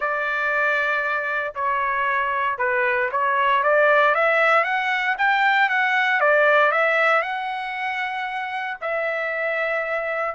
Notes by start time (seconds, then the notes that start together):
0.00 D5
1.54 C#5
2.58 B4
3.11 C#5
3.63 D5
4.14 E5
4.64 F#5
5.17 G5
5.69 F#5
6.20 D5
6.71 E5
7.22 F#5
8.80 E5